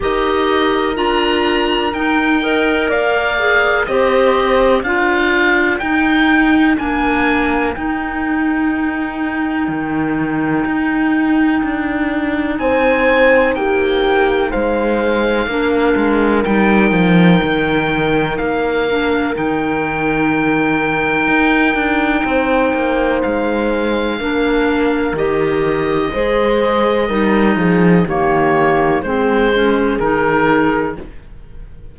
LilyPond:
<<
  \new Staff \with { instrumentName = "oboe" } { \time 4/4 \tempo 4 = 62 dis''4 ais''4 g''4 f''4 | dis''4 f''4 g''4 gis''4 | g''1~ | g''4 gis''4 g''4 f''4~ |
f''4 g''2 f''4 | g''1 | f''2 dis''2~ | dis''4 cis''4 c''4 ais'4 | }
  \new Staff \with { instrumentName = "horn" } { \time 4/4 ais'2~ ais'8 dis''8 d''4 | c''4 ais'2.~ | ais'1~ | ais'4 c''4 g'4 c''4 |
ais'1~ | ais'2. c''4~ | c''4 ais'2 c''4 | ais'8 gis'8 g'4 gis'2 | }
  \new Staff \with { instrumentName = "clarinet" } { \time 4/4 g'4 f'4 dis'8 ais'4 gis'8 | g'4 f'4 dis'4 d'4 | dis'1~ | dis'1 |
d'4 dis'2~ dis'8 d'8 | dis'1~ | dis'4 d'4 g'4 gis'4 | dis'4 ais4 c'8 cis'8 dis'4 | }
  \new Staff \with { instrumentName = "cello" } { \time 4/4 dis'4 d'4 dis'4 ais4 | c'4 d'4 dis'4 ais4 | dis'2 dis4 dis'4 | d'4 c'4 ais4 gis4 |
ais8 gis8 g8 f8 dis4 ais4 | dis2 dis'8 d'8 c'8 ais8 | gis4 ais4 dis4 gis4 | g8 f8 dis4 gis4 dis4 | }
>>